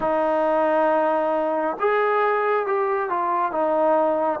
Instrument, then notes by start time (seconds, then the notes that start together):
trombone
0.00 D#4
1.79 G#4
2.66 G4
3.09 F4
3.51 D#4